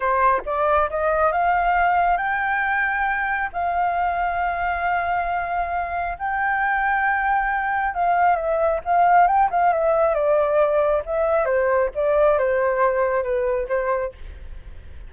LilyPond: \new Staff \with { instrumentName = "flute" } { \time 4/4 \tempo 4 = 136 c''4 d''4 dis''4 f''4~ | f''4 g''2. | f''1~ | f''2 g''2~ |
g''2 f''4 e''4 | f''4 g''8 f''8 e''4 d''4~ | d''4 e''4 c''4 d''4 | c''2 b'4 c''4 | }